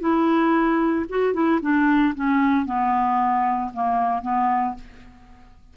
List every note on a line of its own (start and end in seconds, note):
0.00 1.05 E4
1.09 1.33 F#4
1.33 1.60 E4
1.61 2.14 D4
2.15 2.66 C#4
2.66 3.71 B3
3.73 4.22 A#3
4.22 4.74 B3